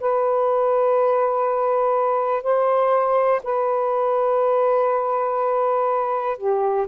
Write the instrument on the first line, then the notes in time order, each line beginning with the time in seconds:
saxophone
0.00 B4
2.43 C5
3.43 B4
6.38 G4